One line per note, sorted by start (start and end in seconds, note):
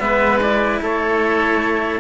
0.00 0.81 G#3
0.00 0.40 B3
0.00 0.82 B4
0.00 0.41 E5
0.43 2.01 E4
0.43 0.83 D5
0.82 2.01 A3
0.82 2.01 A4
0.82 2.01 C#5